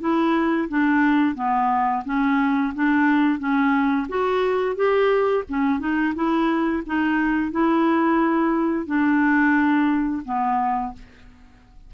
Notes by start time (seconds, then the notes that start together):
0.00 E4
0.68 D4
1.35 B3
2.05 C#4
2.75 D4
3.39 C#4
4.09 F#4
4.76 G4
5.49 C#4
5.80 D#4
6.15 E4
6.86 D#4
7.51 E4
8.86 D4
10.25 B3